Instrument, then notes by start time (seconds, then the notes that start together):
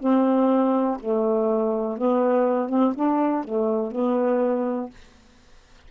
saxophone
0.00 C4
1.00 A3
1.98 B3
2.69 C4
2.95 D4
3.44 A3
3.92 B3